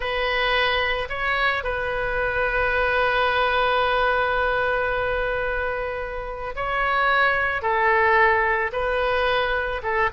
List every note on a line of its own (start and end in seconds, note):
0.00 1.08 B4
1.09 1.63 C#5
1.63 6.54 B4
6.55 7.62 C#5
7.62 8.71 A4
8.72 9.81 B4
9.83 10.10 A4